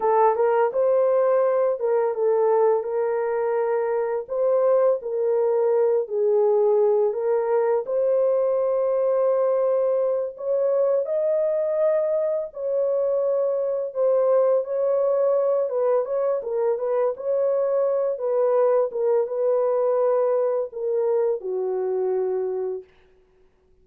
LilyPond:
\new Staff \with { instrumentName = "horn" } { \time 4/4 \tempo 4 = 84 a'8 ais'8 c''4. ais'8 a'4 | ais'2 c''4 ais'4~ | ais'8 gis'4. ais'4 c''4~ | c''2~ c''8 cis''4 dis''8~ |
dis''4. cis''2 c''8~ | c''8 cis''4. b'8 cis''8 ais'8 b'8 | cis''4. b'4 ais'8 b'4~ | b'4 ais'4 fis'2 | }